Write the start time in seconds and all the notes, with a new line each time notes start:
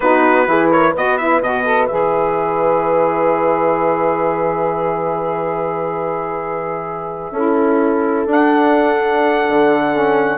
0.00 B3 D#4 F#4 B4
0.45 E3 E4 G#4
0.71 A#4 C#5
0.91 B3 F#4 B4 D#5
1.17 E4 E5
1.41 B2 F#4 D#5
1.64 A4
1.87 E3 G#4 E5
7.31 C#4 E4 A4
8.26 D4
8.32 F#5
9.49 D3
9.91 C#4